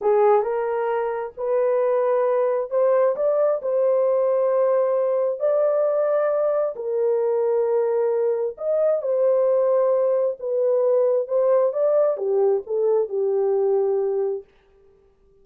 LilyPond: \new Staff \with { instrumentName = "horn" } { \time 4/4 \tempo 4 = 133 gis'4 ais'2 b'4~ | b'2 c''4 d''4 | c''1 | d''2. ais'4~ |
ais'2. dis''4 | c''2. b'4~ | b'4 c''4 d''4 g'4 | a'4 g'2. | }